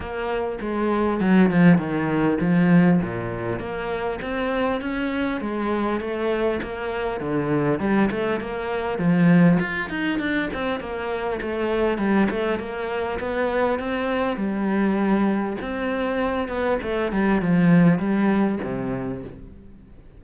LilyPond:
\new Staff \with { instrumentName = "cello" } { \time 4/4 \tempo 4 = 100 ais4 gis4 fis8 f8 dis4 | f4 ais,4 ais4 c'4 | cis'4 gis4 a4 ais4 | d4 g8 a8 ais4 f4 |
f'8 dis'8 d'8 c'8 ais4 a4 | g8 a8 ais4 b4 c'4 | g2 c'4. b8 | a8 g8 f4 g4 c4 | }